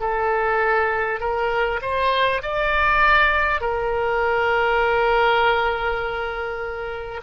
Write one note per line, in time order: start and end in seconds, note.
0.00 1.20 A4
1.20 1.80 A#4
1.81 2.41 C5
2.42 3.60 D5
3.60 7.20 A#4